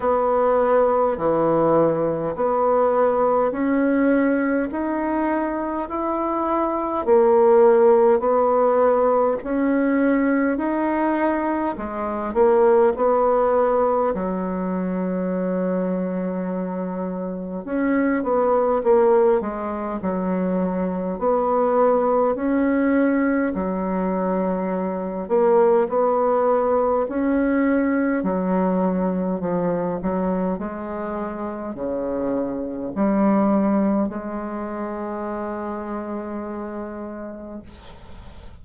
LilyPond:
\new Staff \with { instrumentName = "bassoon" } { \time 4/4 \tempo 4 = 51 b4 e4 b4 cis'4 | dis'4 e'4 ais4 b4 | cis'4 dis'4 gis8 ais8 b4 | fis2. cis'8 b8 |
ais8 gis8 fis4 b4 cis'4 | fis4. ais8 b4 cis'4 | fis4 f8 fis8 gis4 cis4 | g4 gis2. | }